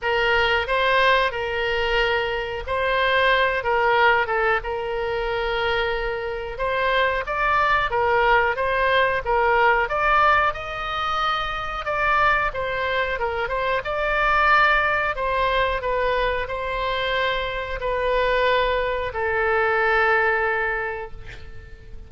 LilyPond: \new Staff \with { instrumentName = "oboe" } { \time 4/4 \tempo 4 = 91 ais'4 c''4 ais'2 | c''4. ais'4 a'8 ais'4~ | ais'2 c''4 d''4 | ais'4 c''4 ais'4 d''4 |
dis''2 d''4 c''4 | ais'8 c''8 d''2 c''4 | b'4 c''2 b'4~ | b'4 a'2. | }